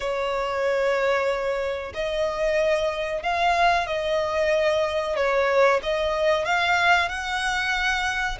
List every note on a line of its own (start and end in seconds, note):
0.00 1.92 C#5
1.94 3.23 D#5
3.23 3.87 F5
3.87 5.16 D#5
5.16 5.80 C#5
5.82 6.45 D#5
6.45 7.09 F5
7.09 8.38 F#5